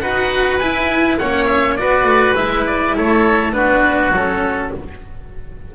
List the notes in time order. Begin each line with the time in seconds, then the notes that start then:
0.00 D#4 F#4 B4 F#5
0.59 E4 G#5
1.18 A#3 C#4 C#5 F#5
1.45 E5
1.76 B3 F#4 B4 D5
2.04 A3
2.35 G#3 E4 E5
2.67 D5
2.97 A3 A4 C#5
3.53 B3 D4 F#4 B4
4.12 F#3 C#4 A4